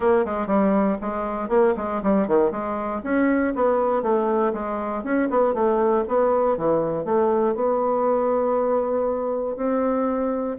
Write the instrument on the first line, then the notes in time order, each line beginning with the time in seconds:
bassoon
0.00 A#3
0.25 G#3
0.47 G3
1.01 G#3
1.48 A#3
1.76 G#3
2.02 G3
2.27 D#3
2.51 G#3
3.03 C#4
3.55 B3
4.02 A3
4.53 G#3
5.03 C#4
5.30 B3
5.54 A3
6.08 B3
6.57 E3
7.05 A3
7.55 B3
9.56 C4